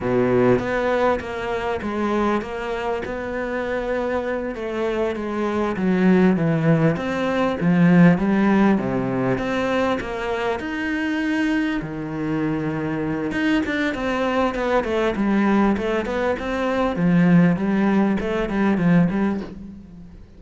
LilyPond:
\new Staff \with { instrumentName = "cello" } { \time 4/4 \tempo 4 = 99 b,4 b4 ais4 gis4 | ais4 b2~ b8 a8~ | a8 gis4 fis4 e4 c'8~ | c'8 f4 g4 c4 c'8~ |
c'8 ais4 dis'2 dis8~ | dis2 dis'8 d'8 c'4 | b8 a8 g4 a8 b8 c'4 | f4 g4 a8 g8 f8 g8 | }